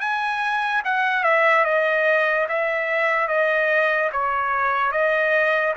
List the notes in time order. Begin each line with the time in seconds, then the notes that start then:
0.00 G#5
0.85 F#5
1.24 E5
1.65 D#5
2.49 E5
3.28 D#5
4.12 C#5
4.92 D#5